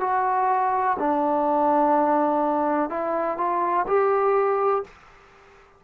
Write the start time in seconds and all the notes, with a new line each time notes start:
0.00 F#4
0.99 D4
2.89 E4
3.37 F4
3.87 G4